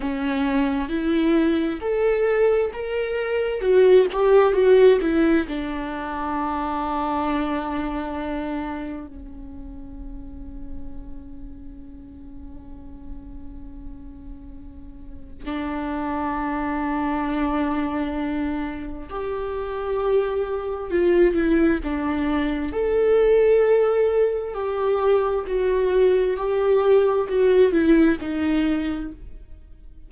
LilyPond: \new Staff \with { instrumentName = "viola" } { \time 4/4 \tempo 4 = 66 cis'4 e'4 a'4 ais'4 | fis'8 g'8 fis'8 e'8 d'2~ | d'2 cis'2~ | cis'1~ |
cis'4 d'2.~ | d'4 g'2 f'8 e'8 | d'4 a'2 g'4 | fis'4 g'4 fis'8 e'8 dis'4 | }